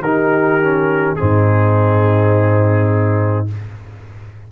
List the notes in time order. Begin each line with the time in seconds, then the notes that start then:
0.00 D#3 D#4 G4 A#4
0.62 C#4
1.16 G#2 C4 D#4 G#4